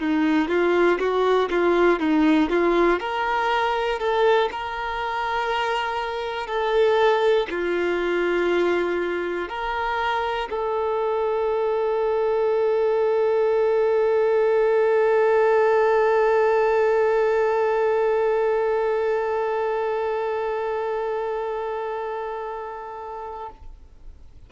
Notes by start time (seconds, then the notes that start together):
0.00 D#4
0.49 F4
1.00 F#4
1.50 F4
2.00 D#4
2.50 F4
3.00 A#4
3.99 A4
4.51 A#4
6.47 A4
7.50 F4
9.49 A#4
10.50 A4